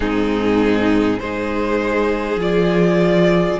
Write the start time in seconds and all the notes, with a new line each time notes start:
0.00 G#2 C4 D#4 G#4
1.19 G#3 D#4 G#4 C5
2.36 F3 F4 D5